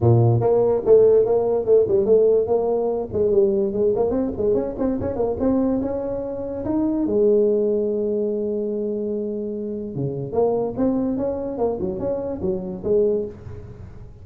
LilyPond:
\new Staff \with { instrumentName = "tuba" } { \time 4/4 \tempo 4 = 145 ais,4 ais4 a4 ais4 | a8 g8 a4 ais4. gis8 | g4 gis8 ais8 c'8 gis8 cis'8 c'8 | cis'8 ais8 c'4 cis'2 |
dis'4 gis2.~ | gis1 | cis4 ais4 c'4 cis'4 | ais8 fis8 cis'4 fis4 gis4 | }